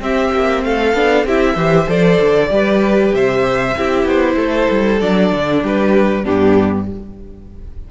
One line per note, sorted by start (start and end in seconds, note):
0.00 0.31 C4
0.00 0.95 C4
0.00 0.65 G4
0.00 0.64 E5
0.33 0.64 A#3
0.64 0.94 A3
0.64 1.26 A4
0.64 1.26 F5
0.94 1.25 B3
0.94 1.26 D4
1.25 1.55 C4
1.25 1.57 E4
1.25 1.54 G4
1.25 1.89 E5
1.54 1.87 E3
1.54 1.87 G4
1.54 2.48 C5
1.87 2.19 F3
1.87 2.50 A4
1.87 3.14 D5
2.20 2.50 D3
2.50 3.12 G3
2.50 3.75 G4
2.50 3.15 B4
3.13 3.75 C3
3.13 3.78 C5
3.13 4.07 E5
3.77 4.05 C4
3.77 5.00 E4
3.77 4.36 G4
4.05 4.36 B3
4.05 5.01 C5
4.36 4.68 A3
4.36 5.61 A4
4.70 5.01 G3
5.00 5.32 F#3
5.00 6.24 D4
5.00 5.63 D5
5.32 5.63 D3
5.63 6.25 G3
5.63 6.23 G4
5.63 6.25 B4
6.23 6.91 G2
6.23 6.86 B3
6.23 6.86 D4
6.23 6.88 G4